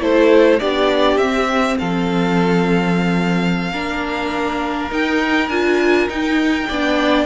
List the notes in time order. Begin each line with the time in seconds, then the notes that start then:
0.00 A3 E4 A4 C5
0.60 B3 D4 G4 D5
1.17 C4 E5
1.79 F3 A4 F5
3.72 A#3 D4 A#4
4.91 D#4 G5
5.49 D4 F4 G#5
6.09 D#4 G5
6.68 B3 D4 D5